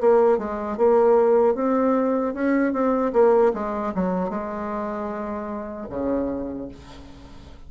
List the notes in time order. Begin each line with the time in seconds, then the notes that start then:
0.00 A#3
0.38 G#3
0.77 A#3
1.55 C4
2.34 C#4
2.72 C4
3.13 A#3
3.53 G#3
3.94 F#3
4.29 G#3
5.90 C#3